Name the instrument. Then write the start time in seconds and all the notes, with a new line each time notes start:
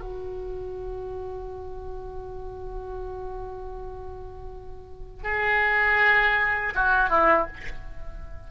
oboe
0.00 F#4
5.23 G#4
6.75 F#4
7.09 E4